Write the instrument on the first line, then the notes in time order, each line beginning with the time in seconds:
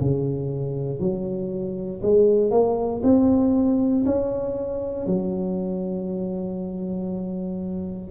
tuba
0.00 C#3
0.99 F#3
2.02 G#3
2.51 A#3
3.03 C4
4.05 C#4
5.06 F#3